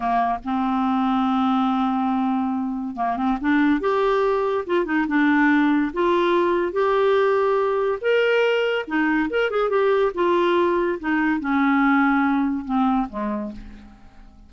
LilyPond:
\new Staff \with { instrumentName = "clarinet" } { \time 4/4 \tempo 4 = 142 ais4 c'2.~ | c'2. ais8 c'8 | d'4 g'2 f'8 dis'8 | d'2 f'2 |
g'2. ais'4~ | ais'4 dis'4 ais'8 gis'8 g'4 | f'2 dis'4 cis'4~ | cis'2 c'4 gis4 | }